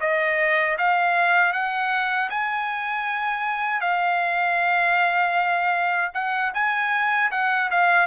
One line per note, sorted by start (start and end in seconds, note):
0.00 0.77 D#5
0.78 1.53 F5
1.53 2.30 F#5
2.30 3.81 G#5
3.81 6.12 F5
6.14 6.52 F#5
6.54 7.31 G#5
7.31 7.70 F#5
7.71 8.07 F5